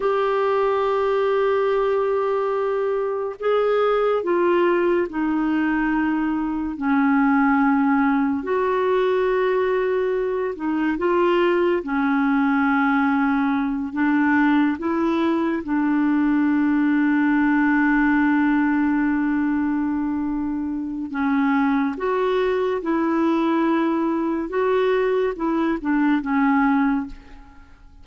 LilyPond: \new Staff \with { instrumentName = "clarinet" } { \time 4/4 \tempo 4 = 71 g'1 | gis'4 f'4 dis'2 | cis'2 fis'2~ | fis'8 dis'8 f'4 cis'2~ |
cis'8 d'4 e'4 d'4.~ | d'1~ | d'4 cis'4 fis'4 e'4~ | e'4 fis'4 e'8 d'8 cis'4 | }